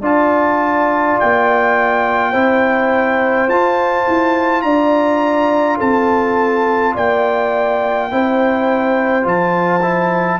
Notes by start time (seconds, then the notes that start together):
0.00 D4 F4 D5 A5
1.19 A#3 G5
2.31 C4 E4 C5
3.47 F4 A5
4.07 E4
4.62 D4 D5 A#5
5.78 C4 A4 A5
6.94 A#3 D5 G5
8.11 C4 E4 C5
9.22 F3 F4 A5
9.82 E4